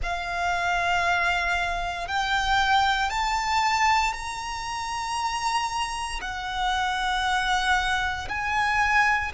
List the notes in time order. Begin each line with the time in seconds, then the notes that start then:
0.03 F5
2.07 G5
3.10 A5
4.13 A#5
6.21 F#5
8.28 G#5